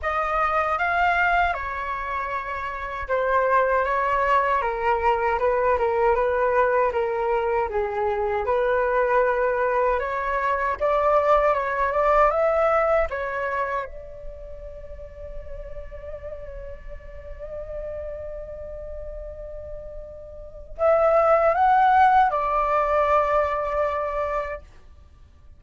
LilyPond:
\new Staff \with { instrumentName = "flute" } { \time 4/4 \tempo 4 = 78 dis''4 f''4 cis''2 | c''4 cis''4 ais'4 b'8 ais'8 | b'4 ais'4 gis'4 b'4~ | b'4 cis''4 d''4 cis''8 d''8 |
e''4 cis''4 d''2~ | d''1~ | d''2. e''4 | fis''4 d''2. | }